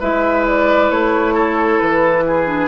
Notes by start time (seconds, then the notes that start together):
0.00 G#3 E4 B4 E5
0.47 D5
0.90 A3 C#5
1.34 A4
1.80 E3 B4
2.27 G#4
2.47 D4